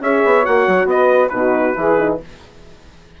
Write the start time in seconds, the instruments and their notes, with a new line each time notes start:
0.00 bassoon C#4, horn G#4, saxophone C#5, trumpet E5
0.24 bassoon B3
0.43 bassoon A#3, horn F#4, trumpet F#5
0.67 bassoon F#3
0.85 bassoon B3, saxophone B4, trumpet D#5
1.28 bassoon B2, horn D#4, saxophone F#4, trumpet B4
1.74 bassoon E3, horn E4, saxophone G#4
1.98 horn D#4